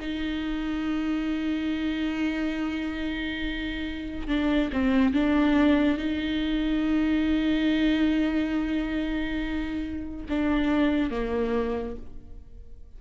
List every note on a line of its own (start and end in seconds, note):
0.00 4.27 D#4
4.27 4.70 D4
4.72 5.14 C4
5.14 5.97 D4
5.97 10.26 D#4
10.29 11.10 D4
11.10 11.96 A#3